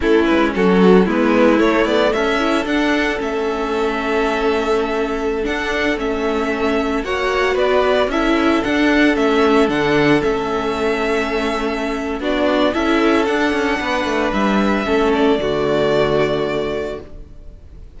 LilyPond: <<
  \new Staff \with { instrumentName = "violin" } { \time 4/4 \tempo 4 = 113 a'8 b'8 a'4 b'4 cis''8 d''8 | e''4 fis''4 e''2~ | e''2~ e''16 fis''4 e''8.~ | e''4~ e''16 fis''4 d''4 e''8.~ |
e''16 fis''4 e''4 fis''4 e''8.~ | e''2. d''4 | e''4 fis''2 e''4~ | e''8 d''2.~ d''8 | }
  \new Staff \with { instrumentName = "violin" } { \time 4/4 e'4 fis'4 e'2 | a'1~ | a'1~ | a'4~ a'16 cis''4 b'4 a'8.~ |
a'1~ | a'2. fis'4 | a'2 b'2 | a'4 fis'2. | }
  \new Staff \with { instrumentName = "viola" } { \time 4/4 cis'2 b4 a4~ | a8 e'8 d'4 cis'2~ | cis'2~ cis'16 d'4 cis'8.~ | cis'4~ cis'16 fis'2 e'8.~ |
e'16 d'4 cis'4 d'4 cis'8.~ | cis'2. d'4 | e'4 d'2. | cis'4 a2. | }
  \new Staff \with { instrumentName = "cello" } { \time 4/4 a8 gis8 fis4 gis4 a8 b8 | cis'4 d'4 a2~ | a2~ a16 d'4 a8.~ | a4~ a16 ais4 b4 cis'8.~ |
cis'16 d'4 a4 d4 a8.~ | a2. b4 | cis'4 d'8 cis'8 b8 a8 g4 | a4 d2. | }
>>